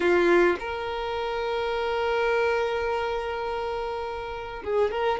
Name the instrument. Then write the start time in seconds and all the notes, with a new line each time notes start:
violin
0.00 F4
0.59 A#4
4.63 G#4
4.91 A#4